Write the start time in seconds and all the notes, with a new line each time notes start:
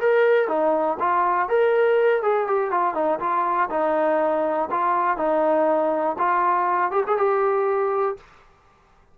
0.00 A#4
0.48 D#4
0.99 F4
1.49 A#4
2.22 G#4
2.47 G4
2.70 F4
2.94 D#4
3.20 F4
3.70 D#4
4.71 F4
5.17 D#4
6.18 F4
6.91 G4
7.07 G#4
7.17 G4